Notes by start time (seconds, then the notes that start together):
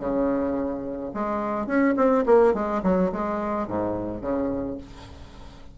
0.00 C#3
1.14 G#3
1.67 C#4
1.97 C4
2.26 A#3
2.54 G#3
2.83 F#3
3.12 G#3
3.68 G#2
4.22 C#3